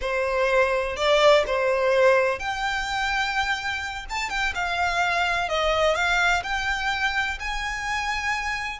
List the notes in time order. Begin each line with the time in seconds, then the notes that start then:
0.01 C5
0.96 D5
1.46 C5
2.39 G5
4.09 A5
4.29 G5
4.54 F5
5.48 D#5
5.95 F5
6.43 G5
7.39 G#5